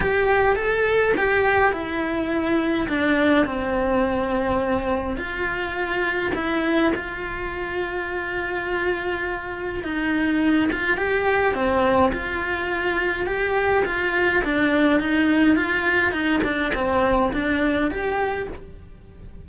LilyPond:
\new Staff \with { instrumentName = "cello" } { \time 4/4 \tempo 4 = 104 g'4 a'4 g'4 e'4~ | e'4 d'4 c'2~ | c'4 f'2 e'4 | f'1~ |
f'4 dis'4. f'8 g'4 | c'4 f'2 g'4 | f'4 d'4 dis'4 f'4 | dis'8 d'8 c'4 d'4 g'4 | }